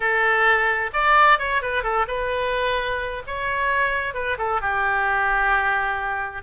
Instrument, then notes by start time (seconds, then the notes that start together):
oboe
0.00 A4
0.93 D5
1.38 C#5
1.62 B4
1.83 A4
2.07 B4
3.26 C#5
4.14 B4
4.38 A4
4.61 G4